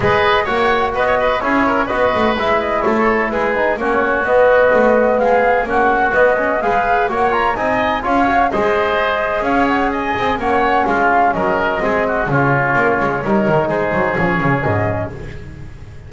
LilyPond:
<<
  \new Staff \with { instrumentName = "flute" } { \time 4/4 \tempo 4 = 127 dis''4 fis''4 dis''4 cis''4 | dis''4 e''8 dis''8 cis''4 b'4 | cis''4 dis''2 f''4 | fis''4 dis''4 f''4 fis''8 ais''8 |
gis''4 f''4 dis''2 | f''8 fis''8 gis''4 fis''4 f''4 | dis''2 cis''2~ | cis''4 c''4 cis''4 dis''4 | }
  \new Staff \with { instrumentName = "oboe" } { \time 4/4 b'4 cis''4 b'16 cis''16 b'8 gis'8 ais'8 | b'2 a'4 gis'4 | fis'2. gis'4 | fis'2 b'4 cis''4 |
dis''4 cis''4 c''2 | cis''4 dis''4 cis''4 f'4 | ais'4 gis'8 fis'8 f'2 | ais'4 gis'2. | }
  \new Staff \with { instrumentName = "trombone" } { \time 4/4 gis'4 fis'2 e'4 | fis'4 e'2~ e'8 dis'8 | cis'4 b2. | cis'4 b8 cis'8 gis'4 fis'8 f'8 |
dis'4 f'8 fis'8 gis'2~ | gis'2 cis'2~ | cis'4 c'4 cis'2 | dis'2 cis'2 | }
  \new Staff \with { instrumentName = "double bass" } { \time 4/4 gis4 ais4 b4 cis'4 | b8 a8 gis4 a4 gis4 | ais4 b4 a4 gis4 | ais4 b4 gis4 ais4 |
c'4 cis'4 gis2 | cis'4. c'8 ais4 gis4 | fis4 gis4 cis4 ais8 gis8 | g8 dis8 gis8 fis8 f8 cis8 gis,4 | }
>>